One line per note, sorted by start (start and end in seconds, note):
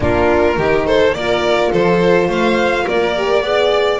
0.00 0.57 A#3
0.00 0.57 D4
0.00 0.58 F4
0.00 0.86 A#4
0.57 1.13 D#3
0.57 1.14 D#4
0.57 0.86 G4
0.86 1.14 A4
0.86 1.13 C5
1.13 1.71 A#3
1.13 3.16 F4
1.13 1.71 A#4
1.13 1.71 D5
1.71 2.28 F3
1.71 2.27 A4
1.71 2.30 C5
2.27 2.85 A3
2.27 2.84 C5
2.27 2.88 F5
2.85 3.42 A#3
2.85 3.42 A#4
2.85 3.99 D5
3.16 3.43 G4
3.42 3.99 B3
3.42 3.99 G#4
3.42 3.99 D5